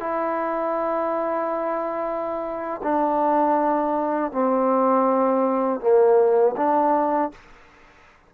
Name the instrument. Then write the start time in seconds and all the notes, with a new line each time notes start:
trombone
0.00 E4
2.83 D4
4.32 C4
5.80 A#3
6.57 D4